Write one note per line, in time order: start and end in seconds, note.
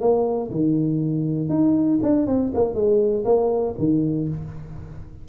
0.00 0.50 A#3
0.50 1.49 D#3
1.49 1.99 D#4
2.02 2.27 D4
2.27 2.52 C4
2.54 2.74 A#3
2.74 3.24 G#3
3.25 3.75 A#3
3.78 4.28 D#3